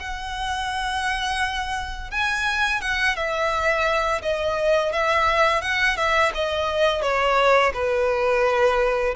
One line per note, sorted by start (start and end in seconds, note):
0.00 2.11 F#5
2.11 2.81 G#5
2.81 3.16 F#5
3.16 4.22 E5
4.22 4.93 D#5
4.93 5.62 E5
5.62 5.97 F#5
5.97 6.32 E5
6.35 7.02 D#5
7.02 7.73 C#5
7.74 9.15 B4